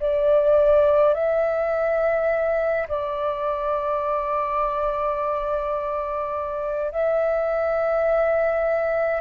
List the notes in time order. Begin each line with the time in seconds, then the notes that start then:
0.00 D5
1.14 E5
2.88 D5
6.92 E5